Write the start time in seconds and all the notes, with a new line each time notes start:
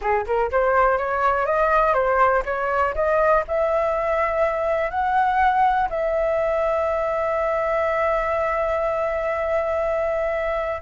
0.01 G#4
0.26 A#4
0.51 C5
0.98 C#5
1.46 D#5
1.93 C5
2.45 C#5
2.94 D#5
3.47 E5
4.90 F#5
5.89 E5